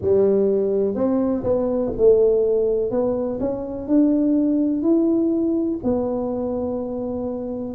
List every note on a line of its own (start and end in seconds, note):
0.01 0.95 G3
0.95 1.43 C4
1.43 1.92 B3
1.97 2.90 A3
2.90 3.39 B3
3.40 3.87 C#4
3.87 4.82 D4
4.82 5.79 E4
5.83 7.74 B3